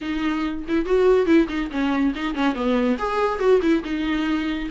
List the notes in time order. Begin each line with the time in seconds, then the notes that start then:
0.01 D#4
0.68 E4
0.85 F#4
1.26 E4
1.48 D#4
1.71 C#4
2.15 D#4
2.34 C#4
2.55 B3
2.98 G#4
3.39 F#4
3.62 E4
3.84 D#4